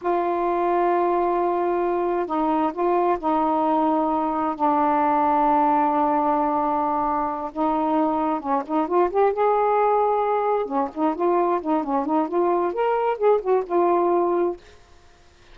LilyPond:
\new Staff \with { instrumentName = "saxophone" } { \time 4/4 \tempo 4 = 132 f'1~ | f'4 dis'4 f'4 dis'4~ | dis'2 d'2~ | d'1~ |
d'8 dis'2 cis'8 dis'8 f'8 | g'8 gis'2. cis'8 | dis'8 f'4 dis'8 cis'8 dis'8 f'4 | ais'4 gis'8 fis'8 f'2 | }